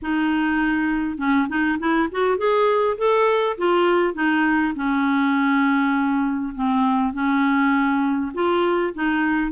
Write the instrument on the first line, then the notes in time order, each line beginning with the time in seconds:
clarinet
0.01 D#4
1.17 C#4
1.49 D#4
1.79 E4
2.11 F#4
2.37 G#4
2.97 A4
3.57 F4
4.14 D#4
4.75 C#4
6.54 C4
7.13 C#4
8.34 F4
8.94 D#4